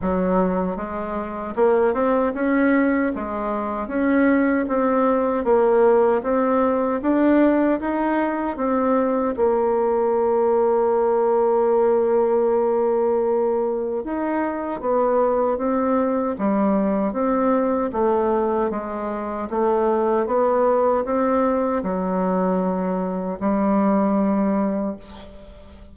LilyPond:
\new Staff \with { instrumentName = "bassoon" } { \time 4/4 \tempo 4 = 77 fis4 gis4 ais8 c'8 cis'4 | gis4 cis'4 c'4 ais4 | c'4 d'4 dis'4 c'4 | ais1~ |
ais2 dis'4 b4 | c'4 g4 c'4 a4 | gis4 a4 b4 c'4 | fis2 g2 | }